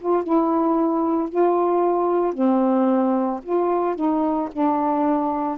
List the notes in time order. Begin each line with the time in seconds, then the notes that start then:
0.00 F4
0.23 E4
1.29 F4
2.34 C4
3.43 F4
3.95 D#4
4.52 D4